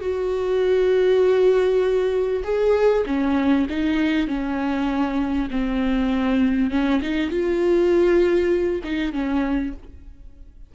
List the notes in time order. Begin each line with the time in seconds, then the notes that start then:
0.00 F#4
2.43 G#4
3.06 C#4
3.69 D#4
4.27 C#4
5.50 C4
6.70 C#4
7.01 D#4
7.30 F4
8.83 D#4
9.12 C#4